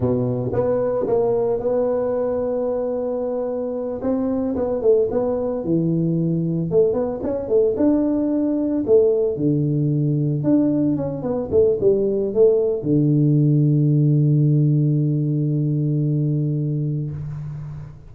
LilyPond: \new Staff \with { instrumentName = "tuba" } { \time 4/4 \tempo 4 = 112 b,4 b4 ais4 b4~ | b2.~ b8 c'8~ | c'8 b8 a8 b4 e4.~ | e8 a8 b8 cis'8 a8 d'4.~ |
d'8 a4 d2 d'8~ | d'8 cis'8 b8 a8 g4 a4 | d1~ | d1 | }